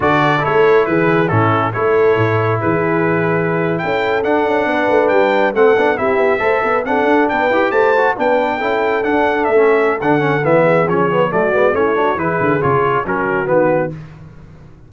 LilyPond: <<
  \new Staff \with { instrumentName = "trumpet" } { \time 4/4 \tempo 4 = 138 d''4 cis''4 b'4 a'4 | cis''2 b'2~ | b'8. g''4 fis''2 g''16~ | g''8. fis''4 e''2 fis''16~ |
fis''8. g''4 a''4 g''4~ g''16~ | g''8. fis''4 e''4~ e''16 fis''4 | e''4 cis''4 d''4 cis''4 | b'4 cis''4 ais'4 b'4 | }
  \new Staff \with { instrumentName = "horn" } { \time 4/4 a'2 gis'4 e'4 | a'2 gis'2~ | gis'8. a'2 b'4~ b'16~ | b'8. a'4 g'4 c''8 b'8 a'16~ |
a'8. b'4 c''4 b'4 a'16~ | a'1~ | a'8 gis'4. fis'4 e'8 fis'8 | gis'2 fis'2 | }
  \new Staff \with { instrumentName = "trombone" } { \time 4/4 fis'4 e'2 cis'4 | e'1~ | e'4.~ e'16 d'2~ d'16~ | d'8. c'8 d'8 e'4 a'4 d'16~ |
d'4~ d'16 g'4 fis'8 d'4 e'16~ | e'8. d'4~ d'16 cis'4 d'8 cis'8 | b4 cis'8 b8 a8 b8 cis'8 d'8 | e'4 f'4 cis'4 b4 | }
  \new Staff \with { instrumentName = "tuba" } { \time 4/4 d4 a4 e4 a,4 | a4 a,4 e2~ | e8. cis'4 d'8 cis'8 b8 a8 g16~ | g8. a8 b8 c'8 b8 a8 b8 c'16~ |
c'16 d'8 b8 e'8 a4 b4 cis'16~ | cis'8. d'4 a4~ a16 d4 | e4 f4 fis8 gis8 a4 | e8 d8 cis4 fis4 dis4 | }
>>